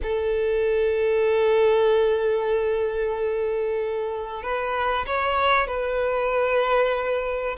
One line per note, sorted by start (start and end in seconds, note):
0.02 4.42 A4
4.42 5.05 B4
5.06 5.67 C#5
5.67 7.56 B4